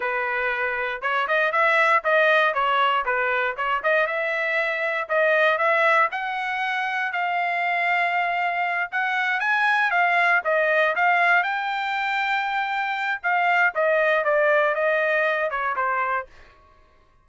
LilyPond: \new Staff \with { instrumentName = "trumpet" } { \time 4/4 \tempo 4 = 118 b'2 cis''8 dis''8 e''4 | dis''4 cis''4 b'4 cis''8 dis''8 | e''2 dis''4 e''4 | fis''2 f''2~ |
f''4. fis''4 gis''4 f''8~ | f''8 dis''4 f''4 g''4.~ | g''2 f''4 dis''4 | d''4 dis''4. cis''8 c''4 | }